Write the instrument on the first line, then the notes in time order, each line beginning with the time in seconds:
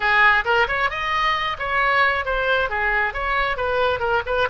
oboe
0.00 G#4
0.44 A#4
0.67 C#5
0.90 D#5
1.58 C#5
2.25 C5
2.69 G#4
3.13 C#5
3.56 B4
3.99 A#4
4.26 B4